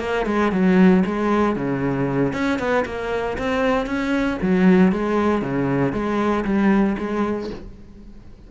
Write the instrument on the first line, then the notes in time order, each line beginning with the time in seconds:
cello
0.00 A#3
0.26 G#3
0.52 F#3
1.06 G#3
1.56 C#3
2.33 C#4
2.59 B3
2.86 A#3
3.38 C4
3.86 C#4
4.42 F#3
4.93 G#3
5.42 C#3
5.93 G#3
6.45 G3
6.99 G#3